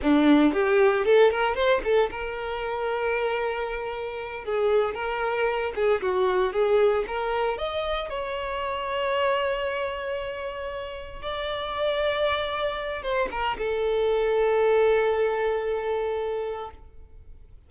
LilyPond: \new Staff \with { instrumentName = "violin" } { \time 4/4 \tempo 4 = 115 d'4 g'4 a'8 ais'8 c''8 a'8 | ais'1~ | ais'8 gis'4 ais'4. gis'8 fis'8~ | fis'8 gis'4 ais'4 dis''4 cis''8~ |
cis''1~ | cis''4. d''2~ d''8~ | d''4 c''8 ais'8 a'2~ | a'1 | }